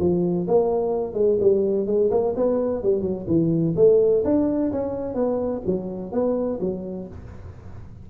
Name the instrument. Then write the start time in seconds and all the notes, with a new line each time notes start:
tuba
0.00 F3
0.48 A#3
1.14 G#3
1.41 G3
1.87 G#3
2.11 A#3
2.36 B3
2.83 G3
3.02 F#3
3.28 E3
3.77 A3
4.25 D4
4.72 C#4
5.15 B3
5.66 F#3
6.12 B3
6.61 F#3